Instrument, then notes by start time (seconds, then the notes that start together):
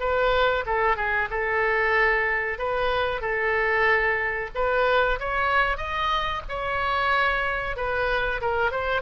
oboe
0.00 B4
0.66 A4
0.96 G#4
1.30 A4
2.58 B4
3.21 A4
4.55 B4
5.20 C#5
5.77 D#5
6.49 C#5
7.76 B4
8.41 A#4
8.71 C5